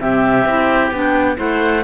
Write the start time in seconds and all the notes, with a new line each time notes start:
0.00 C3 C4 G4 E5
0.46 C4 E4
0.88 B3 D4 G5
1.36 A3 E4 C5 F#5